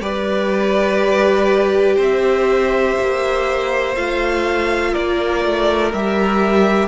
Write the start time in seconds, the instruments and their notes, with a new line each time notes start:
0.00 cello G3, viola G4, violin B4 D5
1.96 cello C4, violin C5 E5
3.00 cello A#3
3.95 cello A3, viola F4, violin F5
4.92 cello A#3, violin A#4 D5
5.45 cello A3
5.92 cello G3, viola G4, violin E5